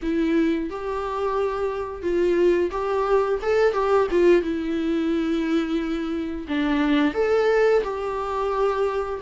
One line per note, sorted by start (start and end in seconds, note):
0.02 0.70 E4
0.70 2.02 G4
2.02 2.70 F4
2.71 3.39 G4
3.42 3.73 A4
3.73 4.07 G4
4.10 4.42 F4
4.42 6.46 E4
6.48 7.14 D4
7.14 7.82 A4
7.83 9.20 G4